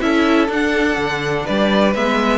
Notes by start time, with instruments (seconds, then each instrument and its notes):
0.00 cello C#4, viola E4, violin A4 E5
0.48 cello D4, viola D4, violin F#5
0.96 cello D3
1.45 cello G3, violin B4 D5
1.94 cello G#3, viola B3, violin E5